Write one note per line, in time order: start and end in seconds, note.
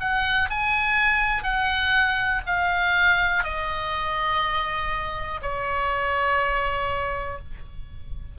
0.00 0.49 F#5
0.50 1.43 G#5
1.43 2.41 F#5
2.46 3.43 F5
3.43 5.40 D#5
5.41 7.38 C#5